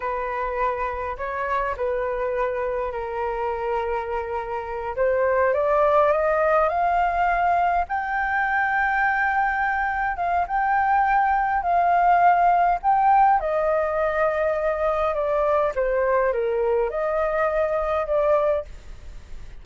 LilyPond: \new Staff \with { instrumentName = "flute" } { \time 4/4 \tempo 4 = 103 b'2 cis''4 b'4~ | b'4 ais'2.~ | ais'8 c''4 d''4 dis''4 f''8~ | f''4. g''2~ g''8~ |
g''4. f''8 g''2 | f''2 g''4 dis''4~ | dis''2 d''4 c''4 | ais'4 dis''2 d''4 | }